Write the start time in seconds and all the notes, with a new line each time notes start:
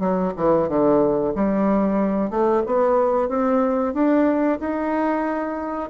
0.00 F#3
0.37 E3
0.69 D3
1.35 G3
2.30 A3
2.67 B3
3.29 C4
3.94 D4
4.60 D#4